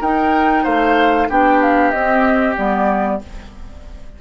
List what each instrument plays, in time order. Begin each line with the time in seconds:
0.00 bassoon D#4, clarinet D#4, oboe A#4, flute G5
0.64 bassoon A3, oboe C5, flute F5
1.29 bassoon B3, clarinet D4, oboe G4, flute G5
1.62 flute F5
1.91 bassoon C4, clarinet C4, flute D#5
2.56 bassoon G3, clarinet B3, flute D5